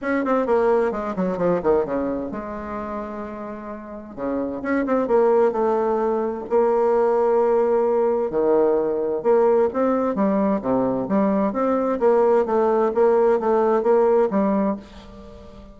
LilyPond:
\new Staff \with { instrumentName = "bassoon" } { \time 4/4 \tempo 4 = 130 cis'8 c'8 ais4 gis8 fis8 f8 dis8 | cis4 gis2.~ | gis4 cis4 cis'8 c'8 ais4 | a2 ais2~ |
ais2 dis2 | ais4 c'4 g4 c4 | g4 c'4 ais4 a4 | ais4 a4 ais4 g4 | }